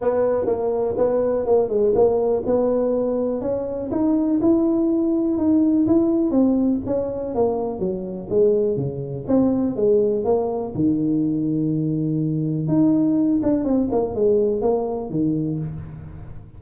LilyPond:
\new Staff \with { instrumentName = "tuba" } { \time 4/4 \tempo 4 = 123 b4 ais4 b4 ais8 gis8 | ais4 b2 cis'4 | dis'4 e'2 dis'4 | e'4 c'4 cis'4 ais4 |
fis4 gis4 cis4 c'4 | gis4 ais4 dis2~ | dis2 dis'4. d'8 | c'8 ais8 gis4 ais4 dis4 | }